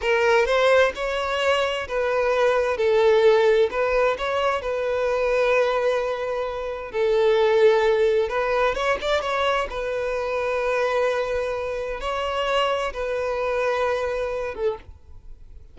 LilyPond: \new Staff \with { instrumentName = "violin" } { \time 4/4 \tempo 4 = 130 ais'4 c''4 cis''2 | b'2 a'2 | b'4 cis''4 b'2~ | b'2. a'4~ |
a'2 b'4 cis''8 d''8 | cis''4 b'2.~ | b'2 cis''2 | b'2.~ b'8 a'8 | }